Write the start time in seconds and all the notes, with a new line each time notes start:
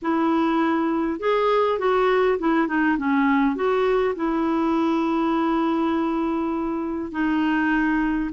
0.01 E4
1.19 G#4
1.78 F#4
2.38 E4
2.67 D#4
2.97 C#4
3.55 F#4
4.15 E4
7.11 D#4